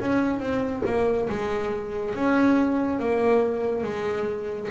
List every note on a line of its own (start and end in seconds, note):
0.00 0.39 C#4
0.39 0.82 C4
0.85 1.28 A#3
1.29 2.15 G#3
2.15 2.99 C#4
2.99 3.83 A#3
3.83 4.69 G#3